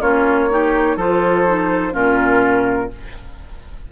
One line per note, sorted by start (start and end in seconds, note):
0.00 0.96 A#3
0.00 0.49 C#4
0.00 0.48 F4
0.00 0.97 C#5
0.49 0.97 D#4
0.49 0.96 G4
0.96 1.93 F3
0.96 1.46 F4
0.96 1.93 A4
0.96 1.94 C5
1.46 1.91 D#4
1.91 2.90 A#2
1.91 2.88 C#4
1.91 2.90 F4
1.91 2.91 A#4